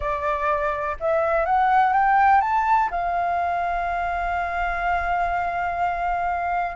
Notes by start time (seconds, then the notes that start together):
0.00 D5
0.99 E5
1.45 F#5
1.93 G5
2.41 A5
2.90 F5